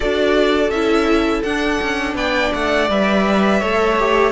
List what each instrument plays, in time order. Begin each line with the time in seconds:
0.00 cello D4, viola F#4, violin A4 D5
0.69 cello C#4, viola E4, violin E5
1.43 cello D4, viola D4, violin F#5
1.81 cello C#4
2.14 cello B3, violin D5 G5
2.53 cello A3, violin F#5
2.89 cello G3, viola B4, violin E5
3.60 cello A3, viola A4, violin C#5
3.99 viola G4